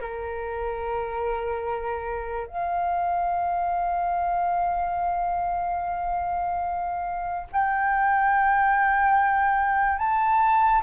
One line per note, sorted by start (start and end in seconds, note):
0.00 2.47 A#4
2.47 7.47 F5
7.52 9.98 G5
9.98 10.82 A5